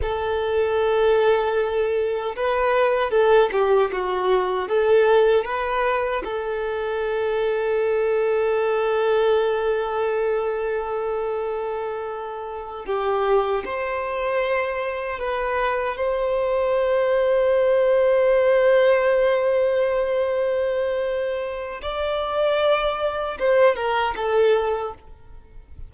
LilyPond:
\new Staff \with { instrumentName = "violin" } { \time 4/4 \tempo 4 = 77 a'2. b'4 | a'8 g'8 fis'4 a'4 b'4 | a'1~ | a'1~ |
a'8 g'4 c''2 b'8~ | b'8 c''2.~ c''8~ | c''1 | d''2 c''8 ais'8 a'4 | }